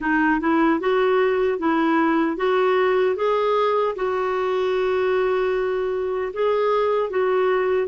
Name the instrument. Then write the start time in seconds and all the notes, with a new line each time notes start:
clarinet
0.00 D#4
0.40 E4
0.80 F#4
1.58 E4
2.36 F#4
3.16 G#4
3.95 F#4
6.33 G#4
7.10 F#4